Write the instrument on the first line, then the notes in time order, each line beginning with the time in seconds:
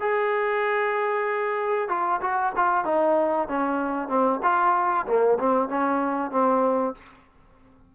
trombone
0.00 G#4
1.89 F4
2.21 F#4
2.56 F4
2.85 D#4
3.48 C#4
4.08 C4
4.43 F4
5.07 A#3
5.39 C4
5.69 C#4
6.31 C4